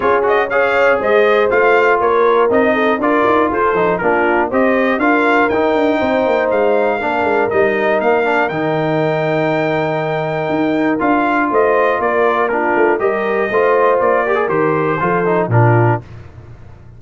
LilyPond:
<<
  \new Staff \with { instrumentName = "trumpet" } { \time 4/4 \tempo 4 = 120 cis''8 dis''8 f''4 dis''4 f''4 | cis''4 dis''4 d''4 c''4 | ais'4 dis''4 f''4 g''4~ | g''4 f''2 dis''4 |
f''4 g''2.~ | g''2 f''4 dis''4 | d''4 ais'4 dis''2 | d''4 c''2 ais'4 | }
  \new Staff \with { instrumentName = "horn" } { \time 4/4 gis'4 cis''4 c''2 | ais'4. a'8 ais'4 a'4 | f'4 c''4 ais'2 | c''2 ais'2~ |
ais'1~ | ais'2. c''4 | ais'4 f'4 ais'4 c''4~ | c''8 ais'4. a'4 f'4 | }
  \new Staff \with { instrumentName = "trombone" } { \time 4/4 f'8 fis'8 gis'2 f'4~ | f'4 dis'4 f'4. dis'8 | d'4 g'4 f'4 dis'4~ | dis'2 d'4 dis'4~ |
dis'8 d'8 dis'2.~ | dis'2 f'2~ | f'4 d'4 g'4 f'4~ | f'8 g'16 gis'16 g'4 f'8 dis'8 d'4 | }
  \new Staff \with { instrumentName = "tuba" } { \time 4/4 cis'2 gis4 a4 | ais4 c'4 d'8 dis'8 f'8 f8 | ais4 c'4 d'4 dis'8 d'8 | c'8 ais8 gis4 ais8 gis8 g4 |
ais4 dis2.~ | dis4 dis'4 d'4 a4 | ais4. a8 g4 a4 | ais4 dis4 f4 ais,4 | }
>>